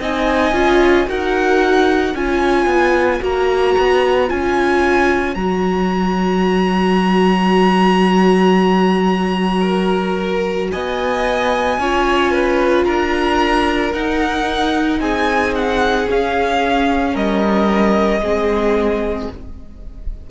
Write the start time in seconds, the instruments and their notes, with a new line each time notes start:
0.00 cello C4, viola D#4, violin D#5 G#5
0.53 cello C#4, viola F4
1.08 cello D#4, viola F#4, violin A#4 F#5
2.15 cello C#4, viola F4, violin C#5 G#5
2.66 cello B3
3.21 cello A#3, viola F#4, violin A#5
3.78 cello B3
4.29 cello C#4, viola F4, violin G#5
5.35 cello F#3, viola F#4, violin A#5
9.61 violin A#4
10.72 cello B3, violin D#5 G#5
11.79 cello C#4, viola F4, violin C#5
12.32 violin B4
12.85 cello D4, violin A#4 A#5
13.94 cello D#4, viola D#4, violin F#5
15.00 cello C4, violin G#4 G#5
15.55 violin F#5
16.06 viola C#4, cello C#4, violin F5
17.14 cello G3, violin A#4 D#5
18.21 cello G#3, viola C4, violin G#4